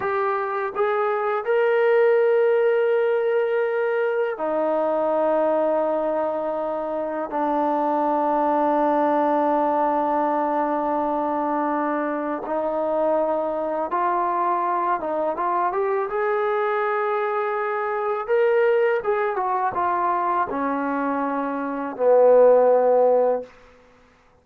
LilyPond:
\new Staff \with { instrumentName = "trombone" } { \time 4/4 \tempo 4 = 82 g'4 gis'4 ais'2~ | ais'2 dis'2~ | dis'2 d'2~ | d'1~ |
d'4 dis'2 f'4~ | f'8 dis'8 f'8 g'8 gis'2~ | gis'4 ais'4 gis'8 fis'8 f'4 | cis'2 b2 | }